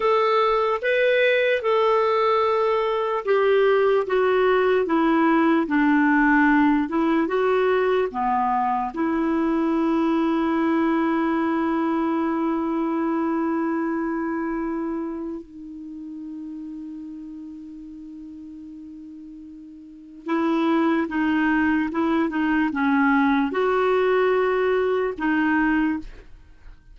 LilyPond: \new Staff \with { instrumentName = "clarinet" } { \time 4/4 \tempo 4 = 74 a'4 b'4 a'2 | g'4 fis'4 e'4 d'4~ | d'8 e'8 fis'4 b4 e'4~ | e'1~ |
e'2. dis'4~ | dis'1~ | dis'4 e'4 dis'4 e'8 dis'8 | cis'4 fis'2 dis'4 | }